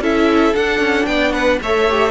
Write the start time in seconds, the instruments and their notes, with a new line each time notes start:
0.00 cello C#4, viola E4, violin A4 E5
0.55 viola D4, cello D4, violin F#5
0.80 cello C#4
1.06 cello B3, violin D5 G5
1.32 violin B4 F#5
1.62 cello A3, viola A4, violin C#5 E5
1.89 viola G4